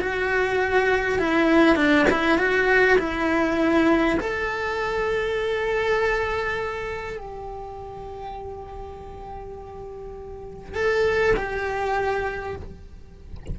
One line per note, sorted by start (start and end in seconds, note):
0.00 1.19 F#4
1.19 1.75 E4
1.75 2.05 D4
2.10 2.38 E4
2.38 2.98 F#4
2.98 4.18 E4
4.19 7.17 A4
7.17 10.74 G4
10.74 11.34 A4
11.36 12.56 G4